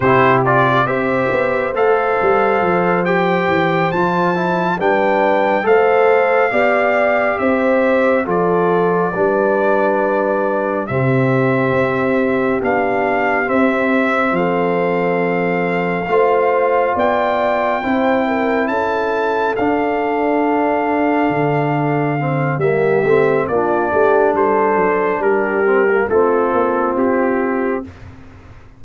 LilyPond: <<
  \new Staff \with { instrumentName = "trumpet" } { \time 4/4 \tempo 4 = 69 c''8 d''8 e''4 f''4. g''8~ | g''8 a''4 g''4 f''4.~ | f''8 e''4 d''2~ d''8~ | d''8 e''2 f''4 e''8~ |
e''8 f''2. g''8~ | g''4. a''4 f''4.~ | f''2 e''4 d''4 | c''4 ais'4 a'4 g'4 | }
  \new Staff \with { instrumentName = "horn" } { \time 4/4 g'4 c''2.~ | c''4. b'4 c''4 d''8~ | d''8 c''4 a'4 b'4.~ | b'8 g'2.~ g'8~ |
g'8 a'2 c''4 d''8~ | d''8 c''8 ais'8 a'2~ a'8~ | a'2 g'4 f'8 g'8 | a'4 g'4 f'2 | }
  \new Staff \with { instrumentName = "trombone" } { \time 4/4 e'8 f'8 g'4 a'4. g'8~ | g'8 f'8 e'8 d'4 a'4 g'8~ | g'4. f'4 d'4.~ | d'8 c'2 d'4 c'8~ |
c'2~ c'8 f'4.~ | f'8 e'2 d'4.~ | d'4. c'8 ais8 c'8 d'4~ | d'4. c'16 ais16 c'2 | }
  \new Staff \with { instrumentName = "tuba" } { \time 4/4 c4 c'8 b8 a8 g8 f4 | e8 f4 g4 a4 b8~ | b8 c'4 f4 g4.~ | g8 c4 c'4 b4 c'8~ |
c'8 f2 a4 b8~ | b8 c'4 cis'4 d'4.~ | d'8 d4. g8 a8 ais8 a8 | g8 fis8 g4 a8 ais8 c'4 | }
>>